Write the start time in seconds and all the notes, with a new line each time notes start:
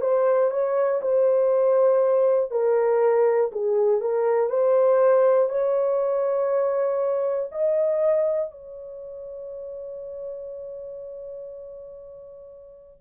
0.00 C5
0.50 C#5
1.01 C5
2.50 A#4
3.51 G#4
4.00 A#4
4.49 C5
5.49 C#5
7.51 D#5
8.50 C#5